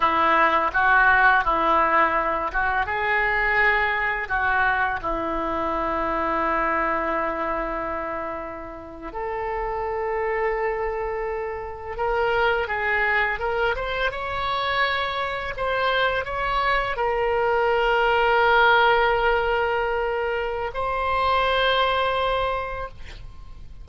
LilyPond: \new Staff \with { instrumentName = "oboe" } { \time 4/4 \tempo 4 = 84 e'4 fis'4 e'4. fis'8 | gis'2 fis'4 e'4~ | e'1~ | e'8. a'2.~ a'16~ |
a'8. ais'4 gis'4 ais'8 c''8 cis''16~ | cis''4.~ cis''16 c''4 cis''4 ais'16~ | ais'1~ | ais'4 c''2. | }